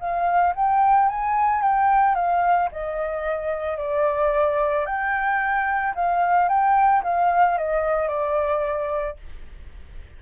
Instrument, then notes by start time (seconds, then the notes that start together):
flute
0.00 F5
0.56 G5
1.09 G#5
1.62 G5
2.15 F5
2.72 D#5
3.78 D5
4.86 G5
5.95 F5
6.49 G5
7.04 F5
7.58 D#5
8.09 D5